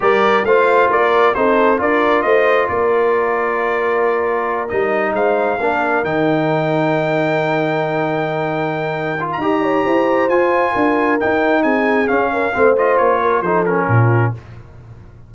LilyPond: <<
  \new Staff \with { instrumentName = "trumpet" } { \time 4/4 \tempo 4 = 134 d''4 f''4 d''4 c''4 | d''4 dis''4 d''2~ | d''2~ d''8 dis''4 f''8~ | f''4. g''2~ g''8~ |
g''1~ | g''8. ais''2~ ais''16 gis''4~ | gis''4 g''4 gis''4 f''4~ | f''8 dis''8 cis''4 c''8 ais'4. | }
  \new Staff \with { instrumentName = "horn" } { \time 4/4 ais'4 c''4 ais'4 a'4 | ais'4 c''4 ais'2~ | ais'2.~ ais'8 c''8~ | c''8 ais'2.~ ais'8~ |
ais'1~ | ais'4 dis''8 cis''8 c''2 | ais'2 gis'4. ais'8 | c''4. ais'8 a'4 f'4 | }
  \new Staff \with { instrumentName = "trombone" } { \time 4/4 g'4 f'2 dis'4 | f'1~ | f'2~ f'8 dis'4.~ | dis'8 d'4 dis'2~ dis'8~ |
dis'1~ | dis'8 f'8 g'2 f'4~ | f'4 dis'2 cis'4 | c'8 f'4. dis'8 cis'4. | }
  \new Staff \with { instrumentName = "tuba" } { \time 4/4 g4 a4 ais4 c'4 | d'4 a4 ais2~ | ais2~ ais8 g4 gis8~ | gis8 ais4 dis2~ dis8~ |
dis1~ | dis4 dis'4 e'4 f'4 | d'4 dis'4 c'4 cis'4 | a4 ais4 f4 ais,4 | }
>>